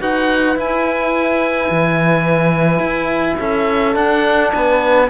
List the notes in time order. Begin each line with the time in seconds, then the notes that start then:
0.00 D#4 F#4 B4 F#5
0.56 E4 G#5
1.70 E3
2.79 E4
3.39 C#4 A4 E5
3.94 D4 F#5
4.53 B3 B4 G#5